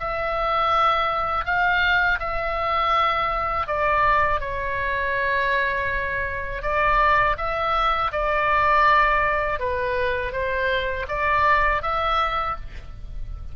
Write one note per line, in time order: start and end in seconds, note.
0.00 1.45 E5
1.45 2.19 F5
2.20 3.67 E5
3.67 4.40 D5
4.40 6.62 C#5
6.62 7.36 D5
7.37 8.11 E5
8.12 9.60 D5
9.60 10.32 B4
10.32 11.06 C5
11.08 11.82 D5
11.82 12.56 E5